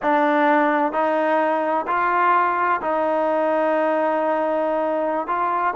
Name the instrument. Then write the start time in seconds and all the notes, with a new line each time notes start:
trombone
0.02 D4
0.92 D#4
1.87 F4
2.81 D#4
5.27 F4